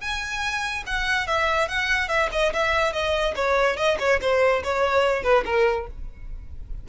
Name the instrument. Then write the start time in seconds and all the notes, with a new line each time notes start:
violin
0.00 G#5
0.86 F#5
1.27 E5
1.68 F#5
2.08 E5
2.32 D#5
2.53 E5
2.92 D#5
3.35 C#5
3.77 D#5
3.99 C#5
4.21 C5
4.63 C#5
5.23 B4
5.45 A#4